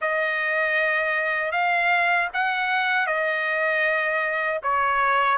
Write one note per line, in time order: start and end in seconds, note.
0.01 1.51 D#5
1.51 2.28 F5
2.33 3.06 F#5
3.06 4.60 D#5
4.62 5.37 C#5